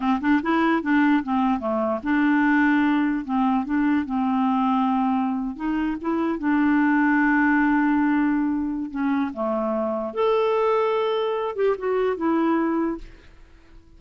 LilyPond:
\new Staff \with { instrumentName = "clarinet" } { \time 4/4 \tempo 4 = 148 c'8 d'8 e'4 d'4 c'4 | a4 d'2. | c'4 d'4 c'2~ | c'4.~ c'16 dis'4 e'4 d'16~ |
d'1~ | d'2 cis'4 a4~ | a4 a'2.~ | a'8 g'8 fis'4 e'2 | }